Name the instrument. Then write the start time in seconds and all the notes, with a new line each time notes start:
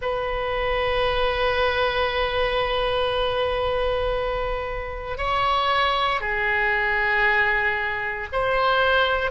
oboe
0.01 B4
5.17 C#5
6.20 G#4
8.32 C5